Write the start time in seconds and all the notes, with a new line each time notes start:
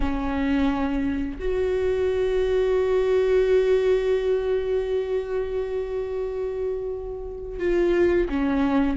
0.00 C#4
1.39 F#4
7.59 F4
8.29 C#4